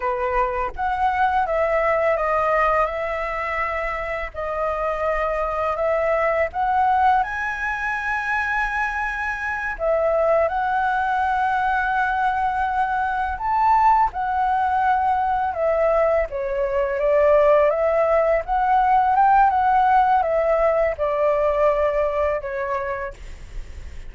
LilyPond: \new Staff \with { instrumentName = "flute" } { \time 4/4 \tempo 4 = 83 b'4 fis''4 e''4 dis''4 | e''2 dis''2 | e''4 fis''4 gis''2~ | gis''4. e''4 fis''4.~ |
fis''2~ fis''8 a''4 fis''8~ | fis''4. e''4 cis''4 d''8~ | d''8 e''4 fis''4 g''8 fis''4 | e''4 d''2 cis''4 | }